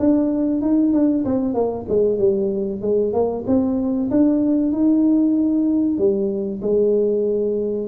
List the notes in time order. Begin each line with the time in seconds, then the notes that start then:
0.00 D4
0.62 D#4
0.94 D4
1.25 C4
1.55 A#3
1.89 G#3
2.19 G3
2.82 G#3
3.13 A#3
3.48 C4
4.11 D4
4.73 D#4
5.99 G3
6.62 G#3